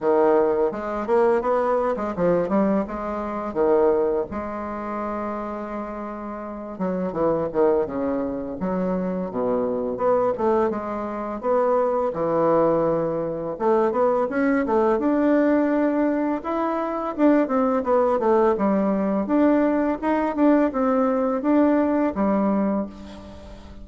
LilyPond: \new Staff \with { instrumentName = "bassoon" } { \time 4/4 \tempo 4 = 84 dis4 gis8 ais8 b8. gis16 f8 g8 | gis4 dis4 gis2~ | gis4. fis8 e8 dis8 cis4 | fis4 b,4 b8 a8 gis4 |
b4 e2 a8 b8 | cis'8 a8 d'2 e'4 | d'8 c'8 b8 a8 g4 d'4 | dis'8 d'8 c'4 d'4 g4 | }